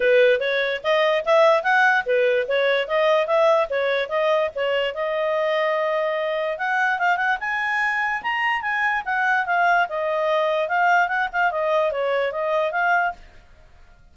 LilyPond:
\new Staff \with { instrumentName = "clarinet" } { \time 4/4 \tempo 4 = 146 b'4 cis''4 dis''4 e''4 | fis''4 b'4 cis''4 dis''4 | e''4 cis''4 dis''4 cis''4 | dis''1 |
fis''4 f''8 fis''8 gis''2 | ais''4 gis''4 fis''4 f''4 | dis''2 f''4 fis''8 f''8 | dis''4 cis''4 dis''4 f''4 | }